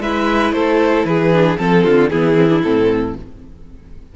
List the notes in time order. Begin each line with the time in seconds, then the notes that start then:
0.00 G#3 E4 B4 E5
0.52 A3 A4 C5
1.05 E3 G#4 B4
1.33 D4
1.57 F3 C4 A4
1.84 D3 F4
2.10 E3 B3 E4 G#4
2.35 C4
2.50 D4
2.63 A2 C4 A4